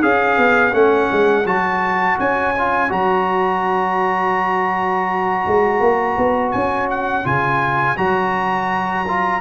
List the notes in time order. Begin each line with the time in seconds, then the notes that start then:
0.00 C#4 G#4 C#5 F5
0.37 B3
0.72 A3 C#4 F#5
1.11 G#3
1.45 F#3 F#4 A5
2.19 C#4 G#5
2.57 F4
2.89 F#3 F#4 A#5
5.46 G#3
5.80 A#3
6.17 B3
6.51 C#4 G#5
6.90 F#5
7.24 C#3 F4 G#5
7.97 F#3 F#4 A#5
9.08 F4